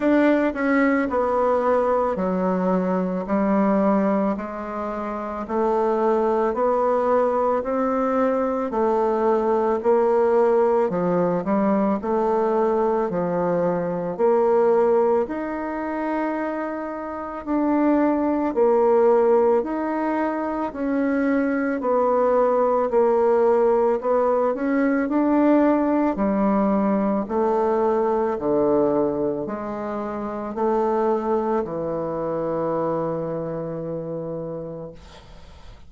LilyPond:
\new Staff \with { instrumentName = "bassoon" } { \time 4/4 \tempo 4 = 55 d'8 cis'8 b4 fis4 g4 | gis4 a4 b4 c'4 | a4 ais4 f8 g8 a4 | f4 ais4 dis'2 |
d'4 ais4 dis'4 cis'4 | b4 ais4 b8 cis'8 d'4 | g4 a4 d4 gis4 | a4 e2. | }